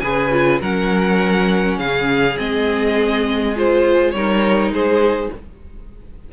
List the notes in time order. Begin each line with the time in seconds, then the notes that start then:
0.00 C#3 G#4 B4 G#5
0.32 F4
0.61 F#3 C#4 A#4 F#5
1.77 C#3 G#4 F5
2.37 G#3 C4 D#5
3.56 F4 C5
4.11 G3 D#4 A#4 C#5
4.70 G#3 G#4 C5